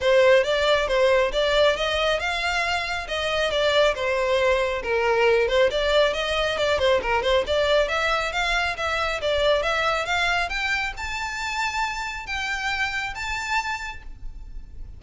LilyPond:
\new Staff \with { instrumentName = "violin" } { \time 4/4 \tempo 4 = 137 c''4 d''4 c''4 d''4 | dis''4 f''2 dis''4 | d''4 c''2 ais'4~ | ais'8 c''8 d''4 dis''4 d''8 c''8 |
ais'8 c''8 d''4 e''4 f''4 | e''4 d''4 e''4 f''4 | g''4 a''2. | g''2 a''2 | }